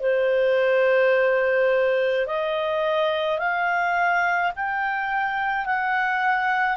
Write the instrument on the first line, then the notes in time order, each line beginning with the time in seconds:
clarinet
0.00 C5
2.26 D#5
3.39 F5
4.55 G5
5.66 F#5